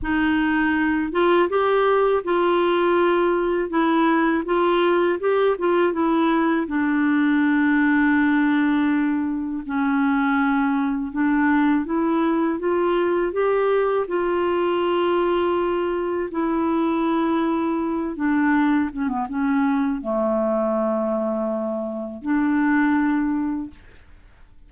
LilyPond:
\new Staff \with { instrumentName = "clarinet" } { \time 4/4 \tempo 4 = 81 dis'4. f'8 g'4 f'4~ | f'4 e'4 f'4 g'8 f'8 | e'4 d'2.~ | d'4 cis'2 d'4 |
e'4 f'4 g'4 f'4~ | f'2 e'2~ | e'8 d'4 cis'16 b16 cis'4 a4~ | a2 d'2 | }